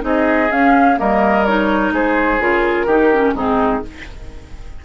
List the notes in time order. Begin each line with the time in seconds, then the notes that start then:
0.00 C4 D#4 G#4 D#5
0.50 C#4 F5
0.96 G3 A#3 A#4 D#5
1.45 D#4 C#5
1.92 G#3 G#4 C5
2.39 C#3 F4 A#4
2.86 D#3 D#4 G4
3.12 C#4
3.34 G#2 C4 D#4 G#4